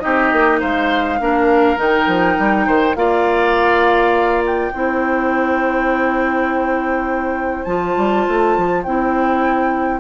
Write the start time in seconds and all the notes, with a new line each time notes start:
0.00 C4 D#4 G4 D#5
0.33 A#3
0.60 G#3 C5 F5
1.20 A#3 D4 A#4
1.77 D#3 D#4 G5
2.07 F3
2.39 G3
2.67 D#3 C5
2.96 A#3 F4 D5 F5
4.46 G5
4.73 C4 E4 C5
7.64 F3 F4 A5
7.97 G3
8.28 A3
8.57 F3
8.83 C4 E4 G5